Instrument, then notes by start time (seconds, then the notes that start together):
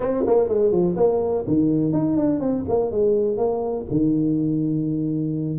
tuba
0.00 C4
0.26 A#3
0.48 G#3
0.71 F3
0.96 A#3
1.47 D#3
1.92 D#4
2.17 D4
2.40 C4
2.68 A#3
2.91 G#3
3.37 A#3
3.90 D#3